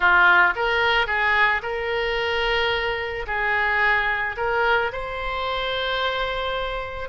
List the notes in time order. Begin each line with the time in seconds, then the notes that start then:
0.00 F4
0.55 A#4
1.07 G#4
1.62 A#4
3.26 G#4
4.37 A#4
4.92 C5